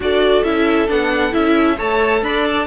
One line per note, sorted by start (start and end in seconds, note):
0.00 0.42 D4
0.00 0.44 F#4
0.00 1.77 A4
0.00 0.44 D5
0.43 0.88 C#4
0.43 0.87 E4
0.43 0.89 E5
0.87 1.33 B3
0.87 1.31 D4
0.87 1.34 F#5
1.31 1.79 C#4
1.31 1.76 E4
1.31 1.78 E5
1.77 2.22 A3
1.77 2.67 A4
1.77 2.21 C#5
1.77 2.23 A5
2.22 2.67 D4
2.22 2.67 D5
2.22 2.45 B5
2.45 2.67 A5